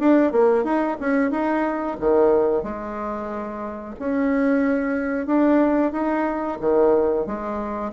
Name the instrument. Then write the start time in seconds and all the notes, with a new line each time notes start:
bassoon
0.00 D4
0.32 A#3
0.64 D#4
1.00 C#4
1.31 D#4
2.00 D#3
2.63 G#3
4.00 C#4
5.27 D4
5.93 D#4
6.61 D#3
7.26 G#3